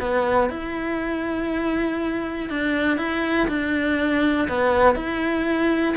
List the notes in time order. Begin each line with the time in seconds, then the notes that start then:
0.00 B3
0.50 E4
2.50 D4
2.98 E4
3.49 D4
4.49 B3
4.95 E4